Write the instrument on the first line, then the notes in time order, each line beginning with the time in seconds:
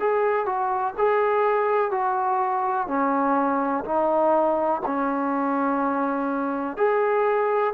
trombone
0.00 G#4
0.46 F#4
0.98 G#4
1.91 F#4
2.88 C#4
3.84 D#4
4.86 C#4
6.77 G#4